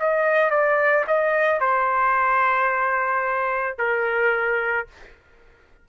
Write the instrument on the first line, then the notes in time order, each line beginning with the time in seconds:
trumpet
0.00 D#5
0.51 D5
1.07 D#5
1.61 C5
3.78 A#4